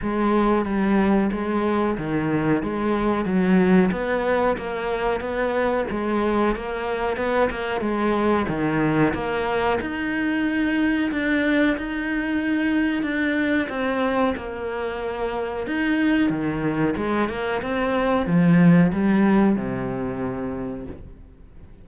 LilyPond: \new Staff \with { instrumentName = "cello" } { \time 4/4 \tempo 4 = 92 gis4 g4 gis4 dis4 | gis4 fis4 b4 ais4 | b4 gis4 ais4 b8 ais8 | gis4 dis4 ais4 dis'4~ |
dis'4 d'4 dis'2 | d'4 c'4 ais2 | dis'4 dis4 gis8 ais8 c'4 | f4 g4 c2 | }